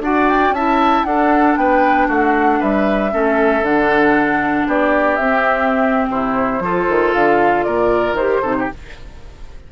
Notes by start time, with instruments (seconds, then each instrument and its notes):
0.00 bassoon D4, clarinet F#4, oboe D5, flute F#5
0.29 flute G5
0.50 bassoon C#4, oboe E5, flute A5
0.56 clarinet E4
1.04 bassoon D4, clarinet D4, oboe A4, flute F#5
1.56 bassoon B3, oboe B4, flute G5
2.08 bassoon A3, oboe F#4, flute F#5
2.60 bassoon G3, oboe B4, flute E5
3.11 bassoon A3, clarinet C#4, oboe A4
3.62 bassoon D3, clarinet D4, flute F#5
4.67 bassoon B3, oboe G4, flute D5
5.16 bassoon C4, clarinet C4, flute E5
6.09 bassoon C3, oboe E4, flute C5
6.60 bassoon F3, clarinet F4, oboe A4
6.89 bassoon D#3
7.14 bassoon D3, flute F5
7.64 bassoon A#2, oboe A#4, flute D5
8.13 bassoon D#3, clarinet G4, flute C5
8.42 bassoon C3, clarinet D#4, oboe A4
8.59 oboe G4